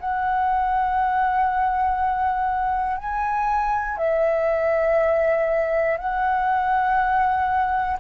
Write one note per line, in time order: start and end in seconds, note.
0.00 2.98 F#5
2.98 3.97 G#5
3.97 5.97 E5
5.97 7.97 F#5